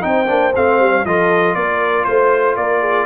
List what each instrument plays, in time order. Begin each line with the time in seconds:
0.00 tuba C4, trombone D#4, horn C5, trumpet G5
0.26 tuba A#3, trombone D4
0.55 tuba A3, trombone C4, trumpet F5
0.79 tuba G3
1.04 tuba F3, trombone F4, horn A4, trumpet D#5
1.54 tuba A#3, horn A#4, trumpet D5
2.04 tuba A3, trumpet C5, horn C5
2.56 tuba A#3, horn A#4, trumpet D5
2.80 horn G#4